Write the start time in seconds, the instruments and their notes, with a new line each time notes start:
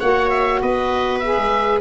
0.00 tuba A#3, saxophone F#4, viola C#5, oboe F#5
0.30 oboe E5
0.62 tuba B3, viola B4, oboe D#5
1.20 saxophone G#4, oboe E5
1.37 tuba G#3